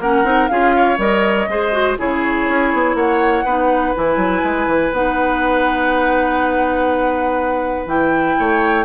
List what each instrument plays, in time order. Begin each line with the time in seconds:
0.00 bassoon A#3, clarinet C#4, oboe A#4, flute F#5
0.24 bassoon C4, clarinet D#4
0.49 bassoon C#4, clarinet F4, oboe G#4, flute F5
0.76 oboe C#5
0.98 bassoon G3, clarinet A#4, flute D#5
1.48 bassoon G#3, clarinet G#4, oboe C5
1.72 clarinet F#4
1.98 bassoon C#3, clarinet E4, oboe G#4, flute C#5
2.49 bassoon C#4
2.73 bassoon B3
2.95 bassoon A#3, oboe C#5, flute F#5
3.44 bassoon B3, clarinet D#4, oboe B4
3.95 bassoon E3, clarinet E4, flute G#5
4.17 bassoon F#3
4.44 bassoon G#3
4.67 bassoon E3
4.92 bassoon B3, clarinet D#4, flute F#5
7.86 bassoon E3, clarinet E4, flute G5
8.39 bassoon A3, oboe C#5